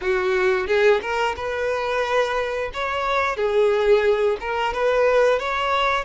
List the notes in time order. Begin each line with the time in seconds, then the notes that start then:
0.01 F#4
0.67 G#4
1.01 A#4
1.36 B4
2.73 C#5
3.36 G#4
4.40 A#4
4.73 B4
5.39 C#5